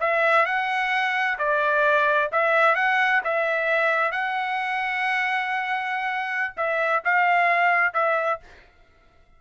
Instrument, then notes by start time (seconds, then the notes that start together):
trumpet
0.00 E5
0.46 F#5
1.38 D5
2.32 E5
2.75 F#5
3.24 E5
4.12 F#5
6.57 E5
7.04 F5
7.94 E5